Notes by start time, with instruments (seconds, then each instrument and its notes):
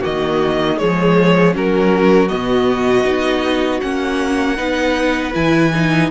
0.00 viola A#3, violin F#4 D#5
0.06 cello D#3
0.78 cello F3, viola G#3, violin G#4 C#5
1.53 cello F#3, viola C#4, violin F#4 A#4
2.29 cello B2, viola B3, violin D#5
3.04 cello B3, viola D#4
3.81 cello A#3, viola C#4, violin F#5
4.57 cello B3, viola D#4, violin B4
5.33 cello E3, viola E4, violin G#5
5.75 viola D#4